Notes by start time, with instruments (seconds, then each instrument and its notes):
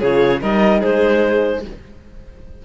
0.00 cello C#3, horn F4, violin G#4, clarinet C#5
0.42 cello G3, horn D#4, violin A#4, clarinet D#5
0.81 cello G#3, violin G#4, clarinet C5